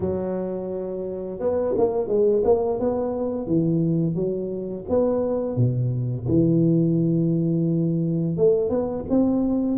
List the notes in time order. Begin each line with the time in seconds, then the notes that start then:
0.00 F#3
1.39 B3
1.77 A#3
2.07 G#3
2.44 A#3
2.79 B3
3.46 E3
4.15 F#3
4.89 B3
5.56 B2
6.28 E3
8.37 A3
8.69 B3
9.09 C4